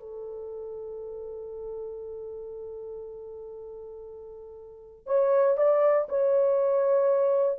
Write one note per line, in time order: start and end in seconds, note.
0.00 5.07 A4
5.07 5.57 C#5
5.57 6.08 D5
6.09 7.59 C#5